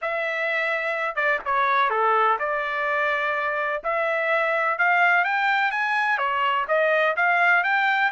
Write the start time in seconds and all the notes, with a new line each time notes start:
0.01 E5
1.15 D5
1.45 C#5
1.89 A4
2.39 D5
3.83 E5
4.78 F5
5.24 G5
5.71 G#5
6.18 C#5
6.68 D#5
7.16 F5
7.63 G5